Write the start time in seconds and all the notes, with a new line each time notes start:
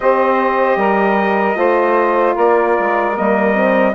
0.00 C4 G4 C5 D#5
0.76 G3 A#4
1.55 A3 F4 C5
2.34 A#3 A#4 D5
2.79 G#3
3.16 G3 A#3 D#5
3.54 C4